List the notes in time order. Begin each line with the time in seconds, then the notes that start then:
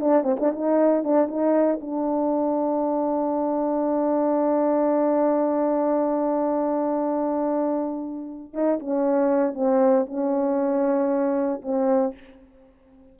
0.00 D4
0.23 C4
0.39 D4
0.52 D#4
1.04 D4
1.27 D#4
1.81 D4
8.53 D#4
8.79 C#4
9.54 C4
10.06 C#4
11.62 C4